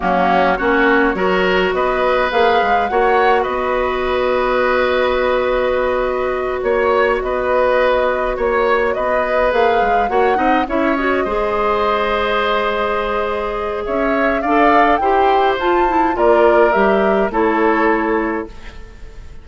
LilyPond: <<
  \new Staff \with { instrumentName = "flute" } { \time 4/4 \tempo 4 = 104 fis'4 cis''2 dis''4 | f''4 fis''4 dis''2~ | dis''2.~ dis''8 cis''8~ | cis''8 dis''2 cis''4 dis''8~ |
dis''8 f''4 fis''4 e''8 dis''4~ | dis''1 | e''4 f''4 g''4 a''4 | d''4 e''4 cis''2 | }
  \new Staff \with { instrumentName = "oboe" } { \time 4/4 cis'4 fis'4 ais'4 b'4~ | b'4 cis''4 b'2~ | b'2.~ b'8 cis''8~ | cis''8 b'2 cis''4 b'8~ |
b'4. cis''8 dis''8 cis''4 c''8~ | c''1 | cis''4 d''4 c''2 | ais'2 a'2 | }
  \new Staff \with { instrumentName = "clarinet" } { \time 4/4 ais4 cis'4 fis'2 | gis'4 fis'2.~ | fis'1~ | fis'1~ |
fis'8 gis'4 fis'8 dis'8 e'8 fis'8 gis'8~ | gis'1~ | gis'4 a'4 g'4 f'8 e'8 | f'4 g'4 e'2 | }
  \new Staff \with { instrumentName = "bassoon" } { \time 4/4 fis4 ais4 fis4 b4 | ais8 gis8 ais4 b2~ | b2.~ b8 ais8~ | ais8 b2 ais4 b8~ |
b8 ais8 gis8 ais8 c'8 cis'4 gis8~ | gis1 | cis'4 d'4 e'4 f'4 | ais4 g4 a2 | }
>>